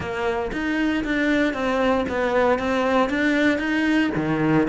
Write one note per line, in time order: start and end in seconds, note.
0.00 0.51 A#3
0.52 1.04 D#4
1.04 1.53 D4
1.53 2.05 C4
2.08 2.58 B3
2.58 3.09 C4
3.09 3.58 D4
3.58 4.10 D#4
4.15 4.67 D#3